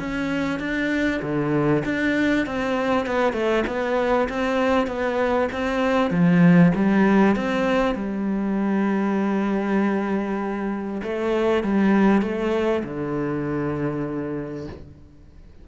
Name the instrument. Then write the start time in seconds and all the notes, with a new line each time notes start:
cello
0.00 C#4
0.60 D4
1.22 D3
1.86 D4
2.47 C4
3.07 B3
3.34 A3
3.67 B3
4.30 C4
4.88 B3
5.53 C4
6.11 F3
6.75 G3
7.36 C4
7.96 G3
11.03 A3
11.64 G3
12.23 A3
12.84 D3